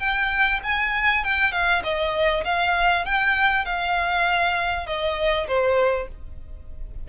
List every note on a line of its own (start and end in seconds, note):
0.00 0.61 G5
0.64 1.24 G#5
1.24 1.53 G5
1.53 1.83 F5
1.84 2.45 D#5
2.45 3.06 F5
3.06 3.66 G5
3.66 4.87 F5
4.87 5.48 D#5
5.48 6.09 C5